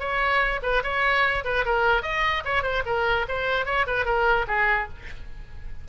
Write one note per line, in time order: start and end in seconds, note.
0.00 0.61 C#5
0.63 0.83 B4
0.84 1.44 C#5
1.45 1.65 B4
1.66 2.03 A#4
2.03 2.43 D#5
2.45 2.63 C#5
2.63 2.83 C5
2.86 3.27 A#4
3.29 3.66 C5
3.66 3.86 C#5
3.87 4.05 B4
4.05 4.46 A#4
4.48 4.89 G#4